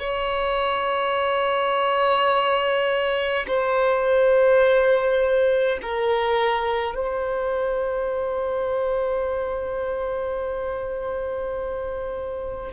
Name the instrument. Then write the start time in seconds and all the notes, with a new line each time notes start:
violin
0.00 C#5
3.48 C5
5.82 A#4
6.95 C5